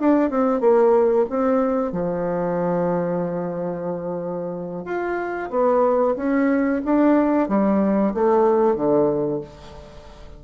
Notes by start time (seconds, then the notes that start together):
0.00 D4
0.31 C4
0.61 A#3
1.30 C4
1.92 F3
4.86 F4
5.51 B3
6.17 C#4
6.85 D4
7.49 G3
8.15 A3
8.76 D3